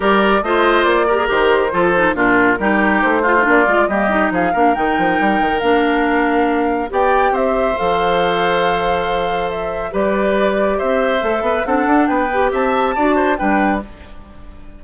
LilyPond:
<<
  \new Staff \with { instrumentName = "flute" } { \time 4/4 \tempo 4 = 139 d''4 dis''4 d''4 c''4~ | c''4 ais'2 c''4 | d''4 dis''4 f''4 g''4~ | g''4 f''2. |
g''4 e''4 f''2~ | f''2 e''4 d''4~ | d''4 e''2 fis''4 | g''4 a''2 g''4 | }
  \new Staff \with { instrumentName = "oboe" } { \time 4/4 ais'4 c''4. ais'4. | a'4 f'4 g'4. f'8~ | f'4 g'4 gis'8 ais'4.~ | ais'1 |
d''4 c''2.~ | c''2. b'4~ | b'4 c''4. b'8 a'4 | b'4 e''4 d''8 c''8 b'4 | }
  \new Staff \with { instrumentName = "clarinet" } { \time 4/4 g'4 f'4. g'16 gis'16 g'4 | f'8 dis'8 d'4 dis'4. f'16 dis'16 | d'8 f'8 ais8 dis'4 d'8 dis'4~ | dis'4 d'2. |
g'2 a'2~ | a'2. g'4~ | g'2 a'4 d'4~ | d'8 g'4. fis'4 d'4 | }
  \new Staff \with { instrumentName = "bassoon" } { \time 4/4 g4 a4 ais4 dis4 | f4 ais,4 g4 a4 | ais8 gis8 g4 f8 ais8 dis8 f8 | g8 dis8 ais2. |
b4 c'4 f2~ | f2. g4~ | g4 c'4 a8 b8 c'8 d'8 | b4 c'4 d'4 g4 | }
>>